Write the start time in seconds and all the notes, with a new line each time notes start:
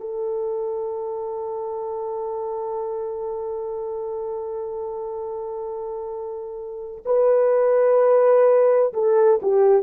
0.00 A4
7.05 B4
8.93 A4
9.42 G4